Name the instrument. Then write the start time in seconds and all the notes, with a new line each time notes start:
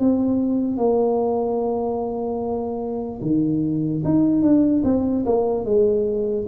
tuba
0.00 C4
0.78 A#3
3.22 D#3
4.05 D#4
4.42 D4
4.85 C4
5.26 A#3
5.65 G#3